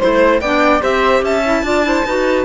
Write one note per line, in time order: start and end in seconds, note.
0.00 0.41 A3
0.00 0.41 E4
0.00 0.41 C5
0.41 0.82 B3
0.41 0.81 D4
0.41 0.82 D5
0.41 0.82 G5
0.81 1.22 C4
0.81 1.43 G4
0.81 1.23 C5
0.81 1.25 E5
1.22 1.63 C#4
1.22 1.65 E5
1.22 2.45 A5
1.46 1.65 E4
1.63 2.04 D4
1.63 1.84 F4
1.63 1.86 D5
1.84 2.04 E4
1.84 2.07 C5
2.05 2.45 D#4
2.05 2.45 F#4
2.05 2.45 B4